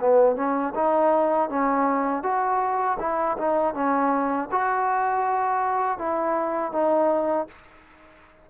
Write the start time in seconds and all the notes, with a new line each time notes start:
0.00 B3
0.36 C#4
0.75 D#4
1.50 C#4
2.23 F#4
3.00 E4
3.38 D#4
3.74 C#4
4.52 F#4
5.98 E4
6.73 D#4